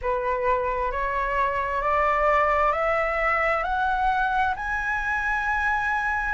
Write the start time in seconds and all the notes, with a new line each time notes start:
0.01 B4
0.91 C#5
1.81 D5
2.72 E5
3.63 F#5
4.56 G#5